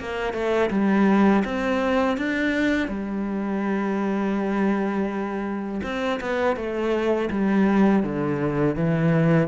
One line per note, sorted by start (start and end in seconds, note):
0.00 0.33 A#3
0.33 0.70 A3
0.70 1.43 G3
1.45 2.18 C4
2.18 2.88 D4
2.88 5.81 G3
5.83 6.20 C4
6.21 6.57 B3
6.57 7.30 A3
7.30 8.03 G3
8.03 8.76 D3
8.76 9.48 E3